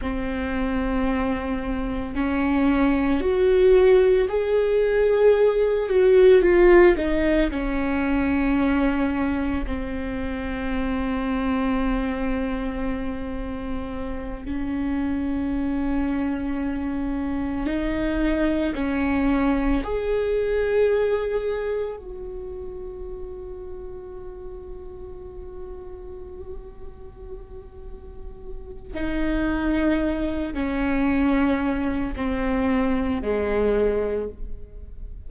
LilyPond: \new Staff \with { instrumentName = "viola" } { \time 4/4 \tempo 4 = 56 c'2 cis'4 fis'4 | gis'4. fis'8 f'8 dis'8 cis'4~ | cis'4 c'2.~ | c'4. cis'2~ cis'8~ |
cis'8 dis'4 cis'4 gis'4.~ | gis'8 fis'2.~ fis'8~ | fis'2. dis'4~ | dis'8 cis'4. c'4 gis4 | }